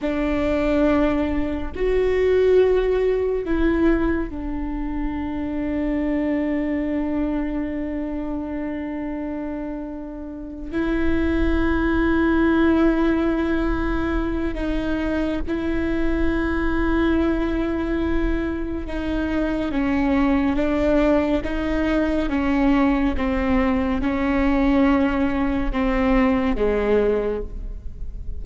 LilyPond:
\new Staff \with { instrumentName = "viola" } { \time 4/4 \tempo 4 = 70 d'2 fis'2 | e'4 d'2.~ | d'1~ | d'8 e'2.~ e'8~ |
e'4 dis'4 e'2~ | e'2 dis'4 cis'4 | d'4 dis'4 cis'4 c'4 | cis'2 c'4 gis4 | }